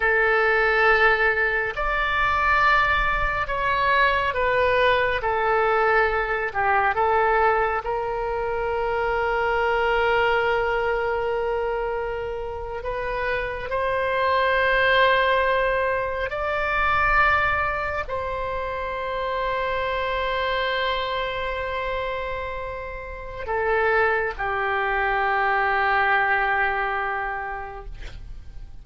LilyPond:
\new Staff \with { instrumentName = "oboe" } { \time 4/4 \tempo 4 = 69 a'2 d''2 | cis''4 b'4 a'4. g'8 | a'4 ais'2.~ | ais'2~ ais'8. b'4 c''16~ |
c''2~ c''8. d''4~ d''16~ | d''8. c''2.~ c''16~ | c''2. a'4 | g'1 | }